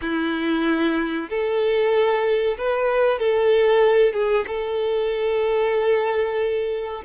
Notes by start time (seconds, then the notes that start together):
0.01 E4
1.29 A4
2.57 B4
3.19 A4
4.13 G#4
4.47 A4